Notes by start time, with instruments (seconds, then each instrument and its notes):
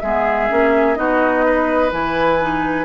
0.00 bassoon G#3, clarinet B3, oboe G#4, flute E5
0.49 bassoon A#3, clarinet C#4
0.95 bassoon B3, clarinet D#4, oboe F#4, flute D#5
1.45 oboe B4
1.90 bassoon E3, clarinet E4, flute G#5
2.41 clarinet D#4